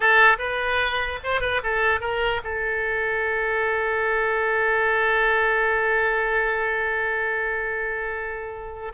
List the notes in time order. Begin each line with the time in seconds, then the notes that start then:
0.00 A4
0.38 B4
1.23 C5
1.41 B4
1.63 A4
2.00 A#4
2.43 A4